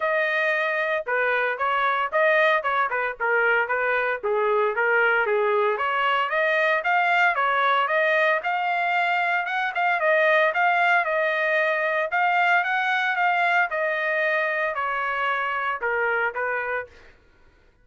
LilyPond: \new Staff \with { instrumentName = "trumpet" } { \time 4/4 \tempo 4 = 114 dis''2 b'4 cis''4 | dis''4 cis''8 b'8 ais'4 b'4 | gis'4 ais'4 gis'4 cis''4 | dis''4 f''4 cis''4 dis''4 |
f''2 fis''8 f''8 dis''4 | f''4 dis''2 f''4 | fis''4 f''4 dis''2 | cis''2 ais'4 b'4 | }